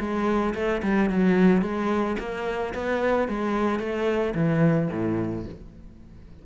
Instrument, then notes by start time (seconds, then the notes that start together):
cello
0.00 G#3
0.55 A3
0.83 G3
1.10 F#3
1.62 G#3
2.19 A#3
2.74 B3
3.29 G#3
3.80 A3
4.35 E3
4.91 A2